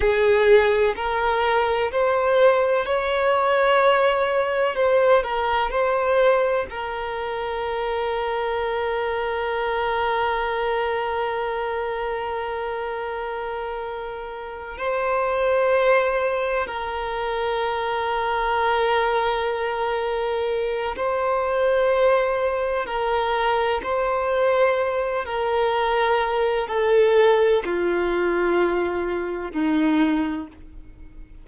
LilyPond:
\new Staff \with { instrumentName = "violin" } { \time 4/4 \tempo 4 = 63 gis'4 ais'4 c''4 cis''4~ | cis''4 c''8 ais'8 c''4 ais'4~ | ais'1~ | ais'2.~ ais'8 c''8~ |
c''4. ais'2~ ais'8~ | ais'2 c''2 | ais'4 c''4. ais'4. | a'4 f'2 dis'4 | }